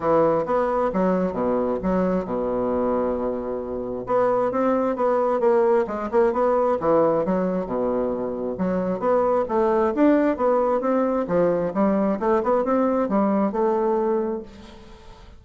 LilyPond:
\new Staff \with { instrumentName = "bassoon" } { \time 4/4 \tempo 4 = 133 e4 b4 fis4 b,4 | fis4 b,2.~ | b,4 b4 c'4 b4 | ais4 gis8 ais8 b4 e4 |
fis4 b,2 fis4 | b4 a4 d'4 b4 | c'4 f4 g4 a8 b8 | c'4 g4 a2 | }